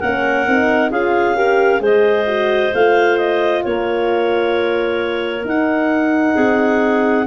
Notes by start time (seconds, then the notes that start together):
0.00 A#3 C#4 A#4 F#5
0.47 C4 D#4
0.91 C#4 F4 G#4 F5
1.36 G4 A#4
1.80 G#3 G#4 C5 D#5
2.27 F#4
2.74 A3 F4 F5
3.18 D#5
3.62 A#3 A#4 C#5
5.45 D#4 F#5
6.35 C4 G#4